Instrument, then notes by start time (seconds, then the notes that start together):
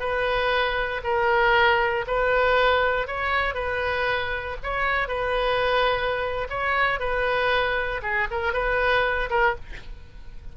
oboe
0.00 B4
1.04 A#4
2.08 B4
3.08 C#5
3.55 B4
4.63 C#5
5.08 B4
6.50 C#5
7.00 B4
8.03 G#4
8.31 A#4
8.54 B4
9.30 A#4